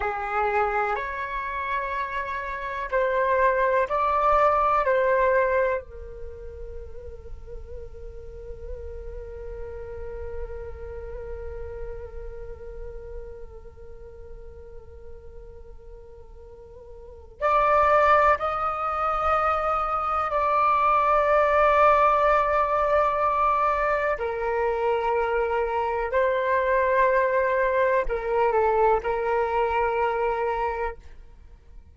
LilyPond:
\new Staff \with { instrumentName = "flute" } { \time 4/4 \tempo 4 = 62 gis'4 cis''2 c''4 | d''4 c''4 ais'2~ | ais'1~ | ais'1~ |
ais'2 d''4 dis''4~ | dis''4 d''2.~ | d''4 ais'2 c''4~ | c''4 ais'8 a'8 ais'2 | }